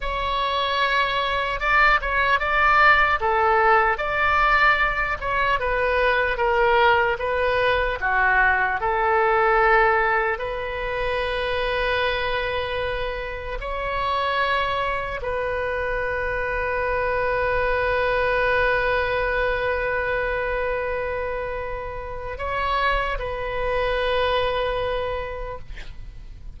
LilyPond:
\new Staff \with { instrumentName = "oboe" } { \time 4/4 \tempo 4 = 75 cis''2 d''8 cis''8 d''4 | a'4 d''4. cis''8 b'4 | ais'4 b'4 fis'4 a'4~ | a'4 b'2.~ |
b'4 cis''2 b'4~ | b'1~ | b'1 | cis''4 b'2. | }